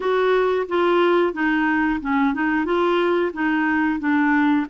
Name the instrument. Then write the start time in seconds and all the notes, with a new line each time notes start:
clarinet
0.00 F#4
0.68 F4
1.33 D#4
2.00 C#4
2.34 D#4
2.65 F4
3.33 D#4
3.99 D4